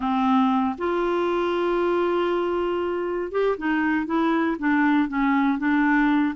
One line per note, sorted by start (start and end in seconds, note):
0.00 0.75 C4
0.78 3.31 F4
3.31 3.57 G4
3.57 4.06 D#4
4.06 4.56 E4
4.59 5.08 D4
5.08 5.58 C#4
5.58 6.34 D4